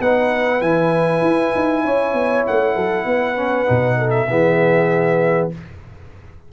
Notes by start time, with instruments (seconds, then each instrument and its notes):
0.00 tuba B3, trombone D#4, horn B4, trumpet F#5
0.61 tuba E3, trombone E4, trumpet G#5
1.22 tuba E4
1.55 tuba D#4
1.84 tuba C#4, horn C#5
2.14 tuba B3
2.47 tuba A3, trumpet F#5
2.76 tuba F#3, horn A4
3.05 tuba B3, horn B4
3.36 trombone C#4
3.66 tuba B2, trombone D#4
3.98 horn A4
4.10 trumpet E5
4.29 tuba E3, trombone B3, horn G#4